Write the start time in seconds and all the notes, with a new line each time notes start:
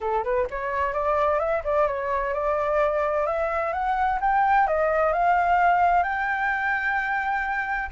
0.00 A4
0.24 B4
0.50 C#5
0.93 D5
1.39 E5
1.64 D5
1.87 C#5
2.33 D5
3.26 E5
3.72 F#5
4.21 G5
4.67 D#5
5.12 F5
6.03 G5